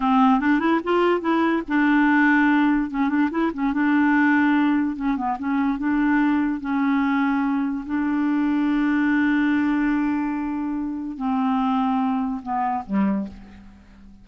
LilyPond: \new Staff \with { instrumentName = "clarinet" } { \time 4/4 \tempo 4 = 145 c'4 d'8 e'8 f'4 e'4 | d'2. cis'8 d'8 | e'8 cis'8 d'2. | cis'8 b8 cis'4 d'2 |
cis'2. d'4~ | d'1~ | d'2. c'4~ | c'2 b4 g4 | }